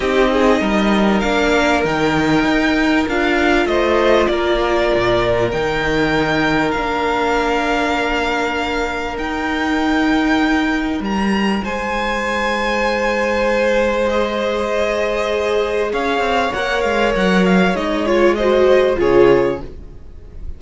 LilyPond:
<<
  \new Staff \with { instrumentName = "violin" } { \time 4/4 \tempo 4 = 98 dis''2 f''4 g''4~ | g''4 f''4 dis''4 d''4~ | d''4 g''2 f''4~ | f''2. g''4~ |
g''2 ais''4 gis''4~ | gis''2. dis''4~ | dis''2 f''4 fis''8 f''8 | fis''8 f''8 dis''8 cis''8 dis''4 cis''4 | }
  \new Staff \with { instrumentName = "violin" } { \time 4/4 g'8 gis'8 ais'2.~ | ais'2 c''4 ais'4~ | ais'1~ | ais'1~ |
ais'2. c''4~ | c''1~ | c''2 cis''2~ | cis''2 c''4 gis'4 | }
  \new Staff \with { instrumentName = "viola" } { \time 4/4 dis'2 d'4 dis'4~ | dis'4 f'2.~ | f'4 dis'2 d'4~ | d'2. dis'4~ |
dis'1~ | dis'2. gis'4~ | gis'2. ais'4~ | ais'4 dis'8 f'8 fis'4 f'4 | }
  \new Staff \with { instrumentName = "cello" } { \time 4/4 c'4 g4 ais4 dis4 | dis'4 d'4 a4 ais4 | ais,4 dis2 ais4~ | ais2. dis'4~ |
dis'2 g4 gis4~ | gis1~ | gis2 cis'8 c'8 ais8 gis8 | fis4 gis2 cis4 | }
>>